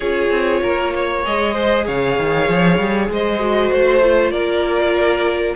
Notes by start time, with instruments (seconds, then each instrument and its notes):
0.00 cello C#4, viola F4, violin G#4 C#5
0.30 cello C4
0.62 cello A#3, violin A#4
0.95 violin C#5
1.23 cello G#3, viola G#4, violin D#5
1.53 violin C5
1.86 cello C#3, violin C#5 F5
2.18 cello D#3
2.48 cello F3
2.78 cello G3
3.09 cello G#3, violin C5 D#5
3.39 viola F#4
3.71 cello A3, violin C5
4.02 viola F4
4.31 cello A#3, violin A#4 D5